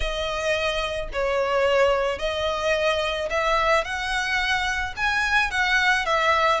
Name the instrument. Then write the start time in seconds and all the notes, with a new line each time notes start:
violin
0.00 D#5
1.12 C#5
2.19 D#5
3.30 E5
3.84 F#5
4.96 G#5
5.50 F#5
6.05 E5